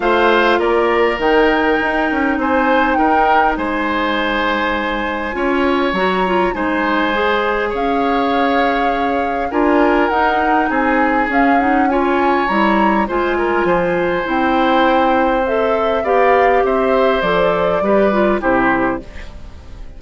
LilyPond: <<
  \new Staff \with { instrumentName = "flute" } { \time 4/4 \tempo 4 = 101 f''4 d''4 g''2 | gis''4 g''4 gis''2~ | gis''2 ais''4 gis''4~ | gis''4 f''2. |
gis''4 fis''4 gis''4 f''8 fis''8 | gis''4 ais''4 gis''2 | g''2 e''4 f''4 | e''4 d''2 c''4 | }
  \new Staff \with { instrumentName = "oboe" } { \time 4/4 c''4 ais'2. | c''4 ais'4 c''2~ | c''4 cis''2 c''4~ | c''4 cis''2. |
ais'2 gis'2 | cis''2 c''8 ais'8 c''4~ | c''2. d''4 | c''2 b'4 g'4 | }
  \new Staff \with { instrumentName = "clarinet" } { \time 4/4 f'2 dis'2~ | dis'1~ | dis'4 f'4 fis'8 f'8 dis'4 | gis'1 |
f'4 dis'2 cis'8 dis'8 | f'4 e'4 f'2 | e'2 a'4 g'4~ | g'4 a'4 g'8 f'8 e'4 | }
  \new Staff \with { instrumentName = "bassoon" } { \time 4/4 a4 ais4 dis4 dis'8 cis'8 | c'4 dis'4 gis2~ | gis4 cis'4 fis4 gis4~ | gis4 cis'2. |
d'4 dis'4 c'4 cis'4~ | cis'4 g4 gis4 f4 | c'2. b4 | c'4 f4 g4 c4 | }
>>